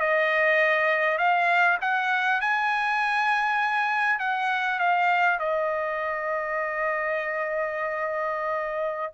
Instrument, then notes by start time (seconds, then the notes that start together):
trumpet
0.00 D#5
1.18 F5
1.81 F#5
2.41 G#5
4.19 F#5
4.79 F5
5.39 D#5